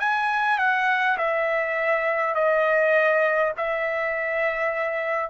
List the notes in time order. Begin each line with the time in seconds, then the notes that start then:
0.00 G#5
0.59 F#5
1.18 E5
2.35 D#5
3.57 E5